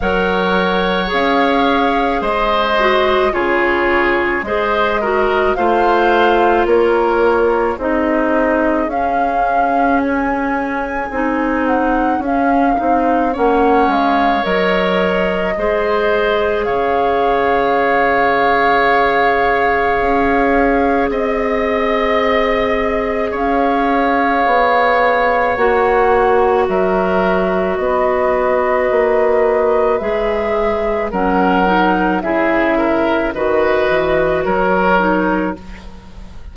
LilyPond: <<
  \new Staff \with { instrumentName = "flute" } { \time 4/4 \tempo 4 = 54 fis''4 f''4 dis''4 cis''4 | dis''4 f''4 cis''4 dis''4 | f''4 gis''4. fis''8 f''4 | fis''8 f''8 dis''2 f''4~ |
f''2. dis''4~ | dis''4 f''2 fis''4 | e''4 dis''2 e''4 | fis''4 e''4 dis''4 cis''4 | }
  \new Staff \with { instrumentName = "oboe" } { \time 4/4 cis''2 c''4 gis'4 | c''8 ais'8 c''4 ais'4 gis'4~ | gis'1 | cis''2 c''4 cis''4~ |
cis''2. dis''4~ | dis''4 cis''2. | ais'4 b'2. | ais'4 gis'8 ais'8 b'4 ais'4 | }
  \new Staff \with { instrumentName = "clarinet" } { \time 4/4 ais'4 gis'4. fis'8 f'4 | gis'8 fis'8 f'2 dis'4 | cis'2 dis'4 cis'8 dis'8 | cis'4 ais'4 gis'2~ |
gis'1~ | gis'2. fis'4~ | fis'2. gis'4 | cis'8 dis'8 e'4 fis'4. dis'8 | }
  \new Staff \with { instrumentName = "bassoon" } { \time 4/4 fis4 cis'4 gis4 cis4 | gis4 a4 ais4 c'4 | cis'2 c'4 cis'8 c'8 | ais8 gis8 fis4 gis4 cis4~ |
cis2 cis'4 c'4~ | c'4 cis'4 b4 ais4 | fis4 b4 ais4 gis4 | fis4 cis4 dis8 e8 fis4 | }
>>